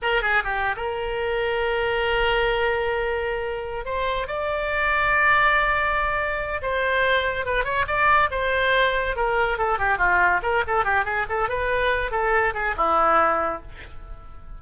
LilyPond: \new Staff \with { instrumentName = "oboe" } { \time 4/4 \tempo 4 = 141 ais'8 gis'8 g'8. ais'2~ ais'16~ | ais'1~ | ais'4 c''4 d''2~ | d''2.~ d''8 c''8~ |
c''4. b'8 cis''8 d''4 c''8~ | c''4. ais'4 a'8 g'8 f'8~ | f'8 ais'8 a'8 g'8 gis'8 a'8 b'4~ | b'8 a'4 gis'8 e'2 | }